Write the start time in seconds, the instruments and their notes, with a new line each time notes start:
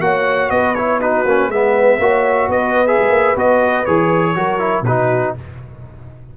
0.00 tuba A#3, trombone F#4, horn C#5, trumpet F#5
0.50 tuba B3, horn B4, trumpet D#5
0.74 trombone E4, trumpet C#5
1.00 trombone D#4, horn F#4, trumpet B4
1.24 tuba A#3, trombone C#4
1.48 tuba G#3, trombone B3, horn B4, trumpet E5
1.98 tuba A#3, trombone F#4, horn C#5
2.48 tuba B3, horn B4, trumpet D#5
2.86 trombone G#4, trumpet E5
2.99 tuba G#3
3.09 tuba A#3
3.36 tuba B3, trombone F#4, trumpet D#5
3.85 tuba E3, trombone G#4, trumpet C#5
4.35 tuba F#3, trombone F#4, horn A#4
4.58 trombone E4
4.81 tuba B2, trombone D#4, horn F#4, trumpet B4